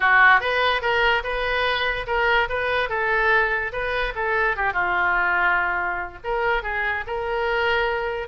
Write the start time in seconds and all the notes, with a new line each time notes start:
0.00 F#4
0.40 B4
0.81 A#4
1.23 B4
2.07 A#4
2.49 B4
2.89 A4
3.72 B4
4.15 A4
4.56 G4
4.73 F4
6.24 A#4
6.63 G#4
7.06 A#4